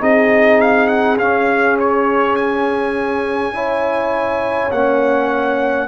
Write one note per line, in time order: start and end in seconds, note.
0.00 1.19 C4
0.00 1.18 D#4
0.00 3.54 G#4
0.00 0.61 D#5
0.61 0.88 F5
0.88 1.17 F#5
1.19 4.72 C#4
1.19 3.54 C#4
1.19 1.78 F5
1.80 2.36 C#5
2.36 4.71 G#5
3.54 4.71 E4
3.54 5.88 C#5
4.72 5.88 A#3
4.72 5.88 C#4
4.72 5.88 F#5